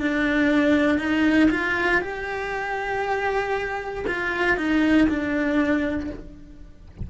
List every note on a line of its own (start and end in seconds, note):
0.00 0.98 D4
0.98 1.49 D#4
1.50 2.01 F4
2.01 4.04 G4
4.07 4.57 F4
4.57 5.08 D#4
5.08 6.10 D4